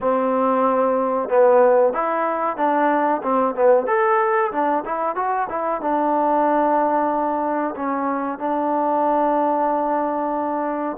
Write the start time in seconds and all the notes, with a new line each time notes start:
0.00 C4
1.29 B3
1.93 E4
2.57 D4
3.23 C4
3.55 B3
3.86 A4
4.51 D4
4.85 E4
5.15 F#4
5.49 E4
5.81 D4
7.75 C#4
8.39 D4